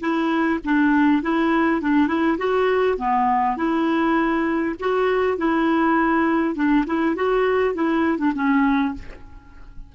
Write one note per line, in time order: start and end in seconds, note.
0.00 0.59 E4
0.64 1.22 D4
1.22 1.81 E4
1.81 2.07 D4
2.07 2.37 E4
2.38 2.97 F#4
2.97 3.56 B3
3.56 4.75 E4
4.79 5.37 F#4
5.37 6.55 E4
6.55 6.85 D4
6.86 7.15 E4
7.15 7.74 F#4
7.74 8.18 E4
8.18 8.32 D4
8.34 8.94 C#4